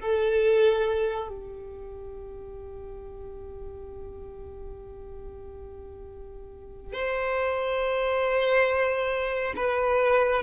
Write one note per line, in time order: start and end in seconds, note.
0.00 1.28 A4
1.28 6.93 G4
6.93 9.54 C5
9.56 10.43 B4